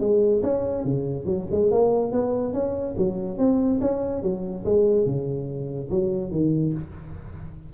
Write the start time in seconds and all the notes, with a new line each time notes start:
0.00 G#3
0.43 C#4
0.84 C#3
1.25 F#3
1.51 G#3
1.71 A#3
2.12 B3
2.53 C#4
2.97 F#3
3.38 C4
3.80 C#4
4.22 F#3
4.65 G#3
5.05 C#3
5.90 F#3
6.31 D#3